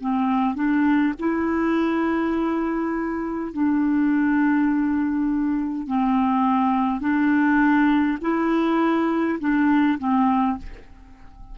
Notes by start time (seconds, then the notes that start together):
0.00 C4
0.55 D4
1.19 E4
3.53 D4
5.87 C4
7.01 D4
8.21 E4
9.40 D4
9.99 C4